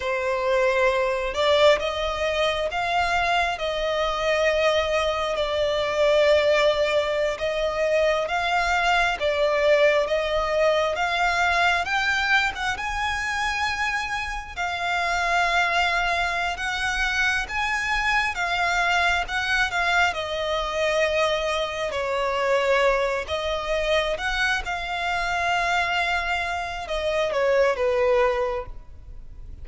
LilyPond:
\new Staff \with { instrumentName = "violin" } { \time 4/4 \tempo 4 = 67 c''4. d''8 dis''4 f''4 | dis''2 d''2~ | d''16 dis''4 f''4 d''4 dis''8.~ | dis''16 f''4 g''8. fis''16 gis''4.~ gis''16~ |
gis''16 f''2~ f''16 fis''4 gis''8~ | gis''8 f''4 fis''8 f''8 dis''4.~ | dis''8 cis''4. dis''4 fis''8 f''8~ | f''2 dis''8 cis''8 b'4 | }